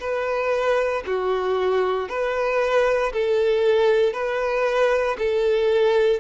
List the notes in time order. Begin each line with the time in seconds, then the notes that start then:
0.00 B4
1.07 F#4
2.09 B4
3.13 A4
4.13 B4
5.19 A4